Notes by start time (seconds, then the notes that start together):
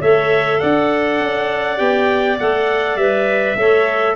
0.00 A3 A4 C#5 E5
0.60 D4 D5 F#5
1.20 C#4
1.77 B3 G4 G5
2.39 A3 A4 F#5
2.96 G3 B4 E5
3.56 A3 A4 C#5